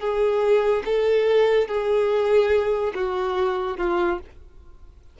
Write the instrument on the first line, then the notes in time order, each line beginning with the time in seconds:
violin
0.00 G#4
0.86 A4
1.69 G#4
2.95 F#4
3.78 F4